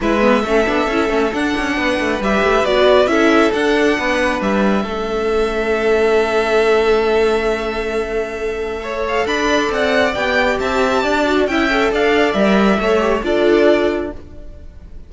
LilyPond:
<<
  \new Staff \with { instrumentName = "violin" } { \time 4/4 \tempo 4 = 136 e''2. fis''4~ | fis''4 e''4 d''4 e''4 | fis''2 e''2~ | e''1~ |
e''1~ | e''8 f''8 b''4 fis''4 g''4 | a''2 g''4 f''4 | e''2 d''2 | }
  \new Staff \with { instrumentName = "violin" } { \time 4/4 b'4 a'2. | b'2. a'4~ | a'4 b'2 a'4~ | a'1~ |
a'1 | cis''4 d''2. | e''4 d''4 e''4 d''4~ | d''4 cis''4 a'2 | }
  \new Staff \with { instrumentName = "viola" } { \time 4/4 e'8 b8 cis'8 d'8 e'8 cis'8 d'4~ | d'4 g'4 fis'4 e'4 | d'2. cis'4~ | cis'1~ |
cis'1 | a'2. g'4~ | g'4. fis'8 e'8 a'4. | ais'4 a'8 g'8 f'2 | }
  \new Staff \with { instrumentName = "cello" } { \time 4/4 gis4 a8 b8 cis'8 a8 d'8 cis'8 | b8 a8 g8 a8 b4 cis'4 | d'4 b4 g4 a4~ | a1~ |
a1~ | a4 d'4 c'4 b4 | c'4 d'4 cis'4 d'4 | g4 a4 d'2 | }
>>